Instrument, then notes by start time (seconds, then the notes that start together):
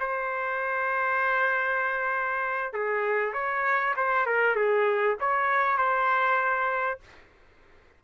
trumpet
0.00 C5
2.73 G#4
3.33 C#5
3.96 C5
4.26 A#4
4.56 G#4
5.20 C#5
5.77 C5